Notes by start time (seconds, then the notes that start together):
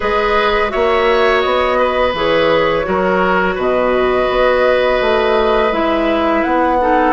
0.00 G#3 G#4 B4 D#5
0.68 F#4 C#5 E5
0.74 A#3
1.41 B3 D#5
1.78 B4
2.13 E3 G#4 C#5
2.83 F#3 F#4 A#4
3.54 B2 B4
3.61 D#5
4.29 B3
5.00 A3
5.71 G#3 E4 E5
6.43 B3 F#5
6.79 D#4 A4